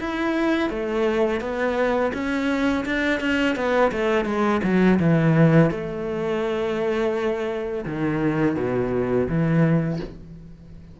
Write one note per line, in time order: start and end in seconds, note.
0.00 0.70 E4
0.70 1.40 A3
1.40 2.12 B3
2.13 2.85 C#4
2.85 3.20 D4
3.20 3.56 C#4
3.56 3.91 B3
3.92 4.25 A3
4.25 4.61 G#3
4.63 4.99 F#3
4.99 5.70 E3
5.70 7.85 A3
7.85 8.56 D#3
8.56 9.28 B2
9.28 10.00 E3